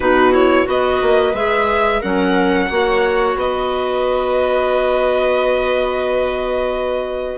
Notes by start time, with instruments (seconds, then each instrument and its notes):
0.00 bassoon B2, clarinet D#4, viola F#4, violin B4
0.31 clarinet E4, violin C#5
0.65 bassoon B3, clarinet F#4, viola B4, violin D#5
1.01 bassoon A#3
1.33 bassoon G#3, clarinet G#4, violin E5
1.99 bassoon F#3, clarinet C#4, viola A#4, violin F#5
2.69 bassoon A#3, clarinet F#4, viola C#5
3.35 bassoon B3, viola B4, violin D#5